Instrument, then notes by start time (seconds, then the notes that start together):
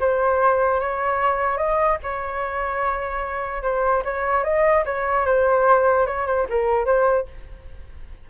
flute
0.00 C5
0.80 C#5
1.57 D#5
2.03 C#5
3.63 C5
4.05 C#5
4.44 D#5
4.85 C#5
5.26 C5
6.06 C#5
6.27 C5
6.49 A#4
6.85 C5